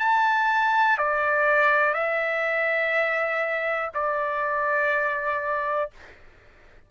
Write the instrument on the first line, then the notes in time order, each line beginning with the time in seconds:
trumpet
0.00 A5
0.98 D5
1.94 E5
3.94 D5